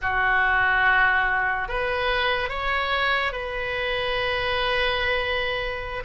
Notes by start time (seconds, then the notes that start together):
0.01 F#4
1.68 B4
2.49 C#5
3.32 B4